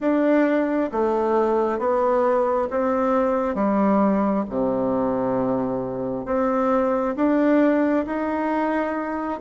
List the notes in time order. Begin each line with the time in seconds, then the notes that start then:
0.00 D4
0.92 A3
1.79 B3
2.70 C4
3.55 G3
4.49 C3
6.25 C4
7.16 D4
8.06 D#4